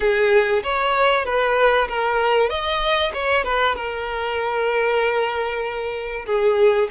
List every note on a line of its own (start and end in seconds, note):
0.00 0.62 G#4
0.63 1.25 C#5
1.25 1.88 B4
1.88 2.49 A#4
2.49 3.12 D#5
3.13 3.44 C#5
3.44 3.75 B4
3.75 6.25 A#4
6.26 6.88 G#4